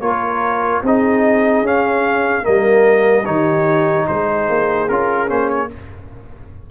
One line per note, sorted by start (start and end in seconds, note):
0.00 0.81 A#3
0.00 0.83 F4
0.00 0.84 A#4
0.00 0.82 C#5
0.83 1.62 C4
0.83 1.65 D#4
0.83 2.44 G#4
0.83 1.66 D#5
1.62 2.43 C#4
1.62 2.45 F5
2.43 3.27 G3
2.43 3.24 A#3
2.43 3.25 A#4
2.43 3.26 D#5
3.26 4.08 D#3
3.26 4.88 D#4
3.26 4.07 G4
3.26 4.07 C#5
4.07 4.49 G#3
4.07 5.70 G#4
4.07 4.88 C5
4.49 4.89 A#3
4.89 5.30 C#4
4.89 5.27 F4
4.89 5.29 A#4
5.27 5.70 A#3
5.27 5.68 C#4
5.27 5.49 C5
5.49 5.69 C#5